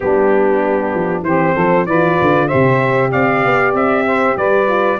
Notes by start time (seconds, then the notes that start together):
0.00 G3 B3 D4 G4
0.94 F3
1.22 E3 C4 G4 C5
1.54 F3 A4
1.86 E3 F4 B4 D5
2.21 D3
2.47 G4 C5 E5
2.54 C3
3.11 C4 D5 F5
3.44 B3
3.73 C4 E5
4.06 C5
4.36 G3 B4 D5
4.67 F4